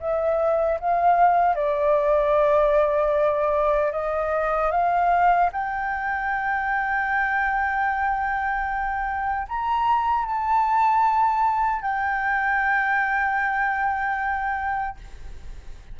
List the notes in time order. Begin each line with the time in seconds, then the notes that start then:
0.00 E5
0.80 F5
1.55 D5
3.92 D#5
4.71 F5
5.53 G5
9.48 A#5
10.26 A5
11.82 G5